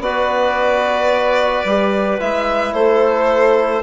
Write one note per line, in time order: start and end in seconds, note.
0.00 1.64 B3
0.00 1.66 F#4
0.00 2.75 B4
0.00 2.20 D5
1.64 2.19 G3
1.64 2.20 G4
2.20 2.73 G#3
2.20 3.82 E4
2.20 2.73 E5
2.73 3.82 A3
2.73 3.82 A4
2.73 3.82 C5